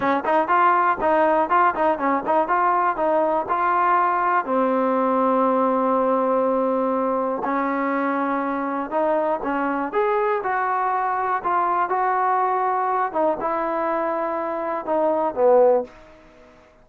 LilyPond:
\new Staff \with { instrumentName = "trombone" } { \time 4/4 \tempo 4 = 121 cis'8 dis'8 f'4 dis'4 f'8 dis'8 | cis'8 dis'8 f'4 dis'4 f'4~ | f'4 c'2.~ | c'2. cis'4~ |
cis'2 dis'4 cis'4 | gis'4 fis'2 f'4 | fis'2~ fis'8 dis'8 e'4~ | e'2 dis'4 b4 | }